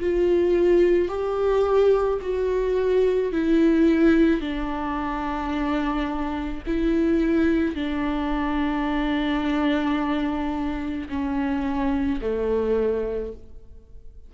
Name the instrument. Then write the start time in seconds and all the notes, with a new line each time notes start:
viola
0.00 F4
1.09 G4
2.22 F#4
3.33 E4
4.41 D4
6.67 E4
7.76 D4
11.10 C#4
12.22 A3